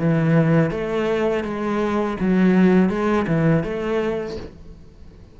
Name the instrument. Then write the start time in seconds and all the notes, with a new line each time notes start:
cello
0.00 E3
0.71 A3
1.44 G#3
2.20 F#3
2.89 G#3
3.28 E3
3.64 A3